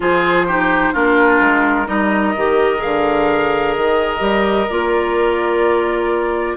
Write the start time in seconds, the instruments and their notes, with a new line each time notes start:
0.00 bassoon F3, clarinet F4, oboe G#4, flute C5
0.46 clarinet D#4, oboe G4
0.93 bassoon A#3, clarinet D4, oboe F4, flute A#4
1.40 bassoon G#3
1.86 bassoon G3, clarinet D#4, oboe A#4, flute D#5
2.36 bassoon D#3, clarinet G4
2.77 clarinet G#4, flute F5
2.84 bassoon D3
3.75 bassoon D#3, flute D#5
4.19 bassoon G3, clarinet G4
4.69 bassoon A#3, clarinet F4, flute D5